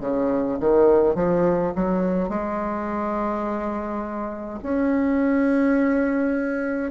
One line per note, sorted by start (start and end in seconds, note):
0.00 0.58 C#3
0.60 1.15 D#3
1.15 1.73 F3
1.76 2.29 F#3
2.29 4.59 G#3
4.63 6.91 C#4